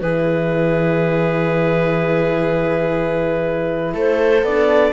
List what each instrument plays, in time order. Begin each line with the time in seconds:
0.00 cello E3, horn E4, viola G#4, clarinet B4
3.94 cello A3, viola A4, clarinet C5
4.42 cello B3, horn D4, clarinet D5